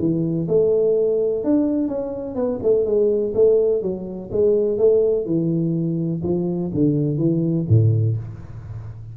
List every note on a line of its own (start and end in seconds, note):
0.00 0.48 E3
0.48 1.44 A3
1.44 1.89 D4
1.89 2.35 C#4
2.35 2.59 B3
2.63 2.86 A3
2.86 3.34 G#3
3.35 3.82 A3
3.82 4.30 F#3
4.32 4.78 G#3
4.78 5.26 A3
5.26 6.22 E3
6.24 6.72 F3
6.74 7.18 D3
7.18 7.66 E3
7.69 8.17 A2